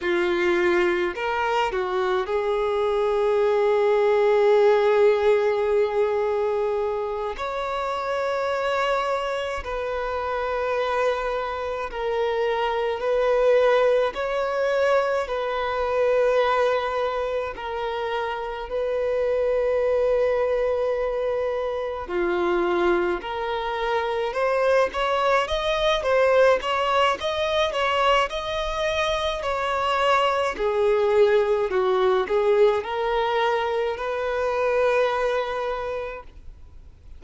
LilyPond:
\new Staff \with { instrumentName = "violin" } { \time 4/4 \tempo 4 = 53 f'4 ais'8 fis'8 gis'2~ | gis'2~ gis'8 cis''4.~ | cis''8 b'2 ais'4 b'8~ | b'8 cis''4 b'2 ais'8~ |
ais'8 b'2. f'8~ | f'8 ais'4 c''8 cis''8 dis''8 c''8 cis''8 | dis''8 cis''8 dis''4 cis''4 gis'4 | fis'8 gis'8 ais'4 b'2 | }